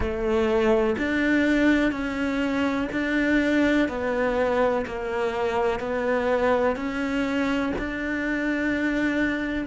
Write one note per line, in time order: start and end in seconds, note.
0.00 0.96 A3
0.98 1.91 D4
1.91 2.88 C#4
2.92 3.88 D4
3.88 4.85 B3
4.86 5.79 A#3
5.79 6.75 B3
6.75 7.72 C#4
7.78 9.67 D4